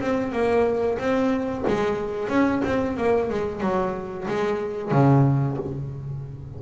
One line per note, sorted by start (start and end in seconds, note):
0.00 0.32 C4
0.32 0.98 A#3
0.98 1.64 C4
1.67 2.28 G#3
2.28 2.61 C#4
2.64 2.97 C4
2.97 3.29 A#3
3.29 3.61 G#3
3.61 4.26 F#3
4.27 4.91 G#3
4.91 5.57 C#3